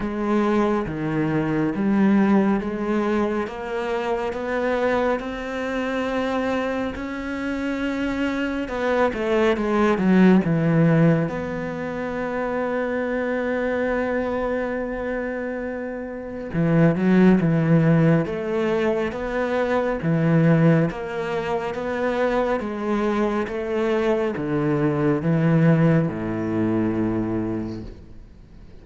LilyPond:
\new Staff \with { instrumentName = "cello" } { \time 4/4 \tempo 4 = 69 gis4 dis4 g4 gis4 | ais4 b4 c'2 | cis'2 b8 a8 gis8 fis8 | e4 b2.~ |
b2. e8 fis8 | e4 a4 b4 e4 | ais4 b4 gis4 a4 | d4 e4 a,2 | }